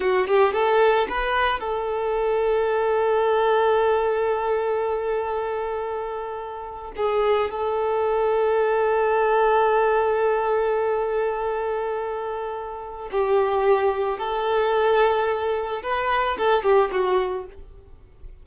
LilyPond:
\new Staff \with { instrumentName = "violin" } { \time 4/4 \tempo 4 = 110 fis'8 g'8 a'4 b'4 a'4~ | a'1~ | a'1~ | a'8. gis'4 a'2~ a'16~ |
a'1~ | a'1 | g'2 a'2~ | a'4 b'4 a'8 g'8 fis'4 | }